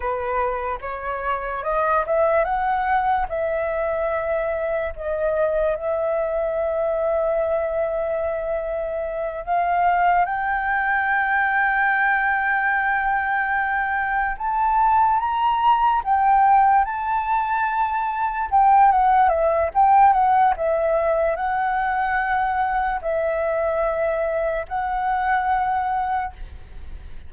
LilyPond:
\new Staff \with { instrumentName = "flute" } { \time 4/4 \tempo 4 = 73 b'4 cis''4 dis''8 e''8 fis''4 | e''2 dis''4 e''4~ | e''2.~ e''8 f''8~ | f''8 g''2.~ g''8~ |
g''4. a''4 ais''4 g''8~ | g''8 a''2 g''8 fis''8 e''8 | g''8 fis''8 e''4 fis''2 | e''2 fis''2 | }